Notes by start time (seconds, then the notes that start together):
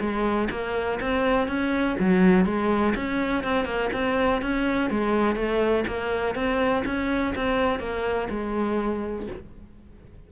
0.00 G#3
0.51 A#3
1.00 C4
1.48 C#4
1.99 F#3
2.45 G#3
2.95 C#4
3.44 C4
3.65 A#3
3.93 C4
4.42 C#4
4.90 G#3
5.35 A3
5.87 A#3
6.35 C4
6.85 C#4
7.35 C4
7.79 A#3
8.30 G#3